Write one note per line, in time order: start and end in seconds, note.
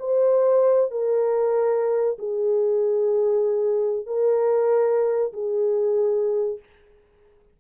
0.00 0.91 C5
0.91 2.18 A#4
2.19 4.07 G#4
4.07 5.33 A#4
5.33 6.60 G#4